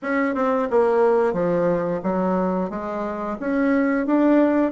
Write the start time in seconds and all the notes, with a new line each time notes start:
0.02 C#4
0.34 C4
0.70 A#3
1.33 F3
2.03 F#3
2.70 G#3
3.40 C#4
4.06 D4